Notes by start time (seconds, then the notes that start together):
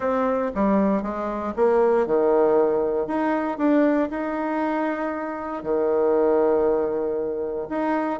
0.00 C4
0.55 G3
1.02 G#3
1.55 A#3
2.06 D#3
3.07 D#4
3.58 D4
4.10 D#4
5.63 D#3
7.69 D#4